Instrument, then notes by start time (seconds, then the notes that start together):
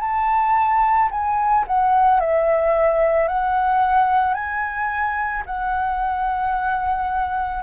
flute
0.00 A5
1.11 G#5
1.67 F#5
2.20 E5
3.28 F#5
4.34 G#5
5.46 F#5